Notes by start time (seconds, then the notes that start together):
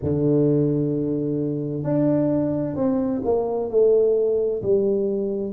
0.03 D3
1.83 D4
2.75 C4
3.24 A#3
3.69 A3
4.62 G3